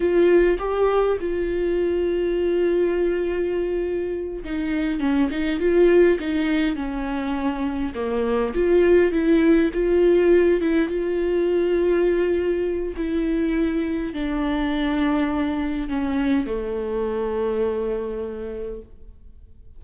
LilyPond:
\new Staff \with { instrumentName = "viola" } { \time 4/4 \tempo 4 = 102 f'4 g'4 f'2~ | f'2.~ f'8 dis'8~ | dis'8 cis'8 dis'8 f'4 dis'4 cis'8~ | cis'4. ais4 f'4 e'8~ |
e'8 f'4. e'8 f'4.~ | f'2 e'2 | d'2. cis'4 | a1 | }